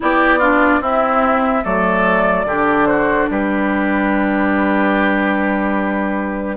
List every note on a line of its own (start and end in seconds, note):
0.00 0.80 B3
0.00 0.39 E4
0.00 0.39 G4
0.00 0.83 D5
0.39 0.81 D4
0.39 0.80 F4
0.80 1.62 C4
0.80 1.63 C4
0.80 1.64 E4
0.80 1.64 E5
1.63 2.44 F#3
1.63 2.45 A3
1.63 2.46 A4
1.63 2.86 D5
2.44 3.27 D3
2.44 6.56 D4
2.44 2.88 G4
2.86 3.29 F#4
2.86 3.27 C5
3.30 6.56 G3
3.30 6.56 G4
3.30 6.56 B4